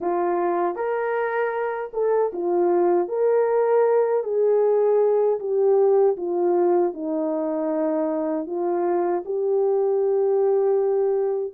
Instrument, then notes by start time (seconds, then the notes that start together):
horn
0.00 F4
0.75 A#4
1.93 A4
2.33 F4
3.08 A#4
4.23 G#4
5.39 G4
6.16 F4
6.93 D#4
8.46 F4
9.25 G4